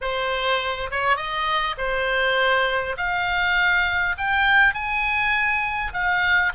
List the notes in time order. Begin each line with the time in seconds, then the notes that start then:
0.01 C5
0.90 C#5
1.16 D#5
1.77 C5
2.97 F5
4.17 G5
4.74 G#5
5.93 F5